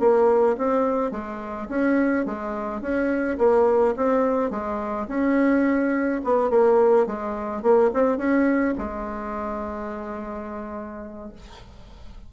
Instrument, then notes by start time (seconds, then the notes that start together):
bassoon
0.00 A#3
0.58 C4
1.11 G#3
1.69 C#4
2.26 G#3
2.81 C#4
3.38 A#3
3.97 C4
4.51 G#3
5.08 C#4
6.24 B3
6.50 A#3
7.07 G#3
7.63 A#3
7.94 C4
8.18 C#4
8.78 G#3